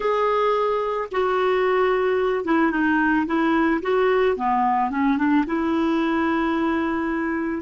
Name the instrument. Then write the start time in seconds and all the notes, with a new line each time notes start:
clarinet
0.00 G#4
1.11 F#4
2.44 E4
2.71 D#4
3.26 E4
3.82 F#4
4.36 B3
4.90 C#4
5.17 D4
5.46 E4